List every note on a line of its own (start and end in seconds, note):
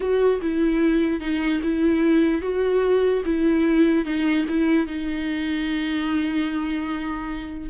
0.00 0.40 F#4
0.41 1.20 E4
1.20 1.61 D#4
1.63 2.41 E4
2.41 3.22 F#4
3.25 4.05 E4
4.05 4.45 D#4
4.48 4.86 E4
4.86 7.69 D#4